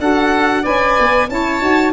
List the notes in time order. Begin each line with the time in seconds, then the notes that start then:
0.00 D4 F#4 A4 F#5
0.63 C#4 B4 D5 G#5
1.00 B3
1.29 C#4 E4 C#5 A5
1.61 D#4 F#4